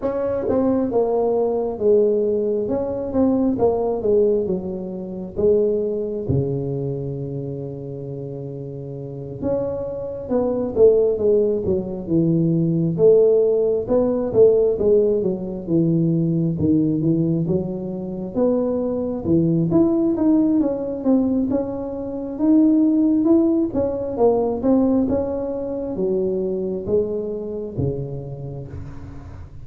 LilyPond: \new Staff \with { instrumentName = "tuba" } { \time 4/4 \tempo 4 = 67 cis'8 c'8 ais4 gis4 cis'8 c'8 | ais8 gis8 fis4 gis4 cis4~ | cis2~ cis8 cis'4 b8 | a8 gis8 fis8 e4 a4 b8 |
a8 gis8 fis8 e4 dis8 e8 fis8~ | fis8 b4 e8 e'8 dis'8 cis'8 c'8 | cis'4 dis'4 e'8 cis'8 ais8 c'8 | cis'4 fis4 gis4 cis4 | }